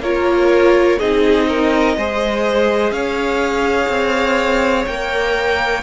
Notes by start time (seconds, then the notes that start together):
0.00 A#3 F4 A#4 C#5
0.99 C4 D#4 G#4 D#5
1.49 A#4
1.97 G#3 G#4 C5
2.92 C#4 C#5 F5
3.89 C4
4.87 A#3 A#4 G5